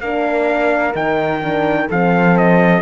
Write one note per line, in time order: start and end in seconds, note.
0.00 0.94 A#3
0.00 0.93 D4
0.00 1.88 A#4
0.00 0.94 F5
0.93 1.88 D#3
0.93 1.40 D#4
0.93 1.89 G5
1.43 1.90 D4
1.88 2.81 F3
1.88 2.81 C4
1.88 2.81 A4
1.88 2.37 F5
2.37 2.81 D#5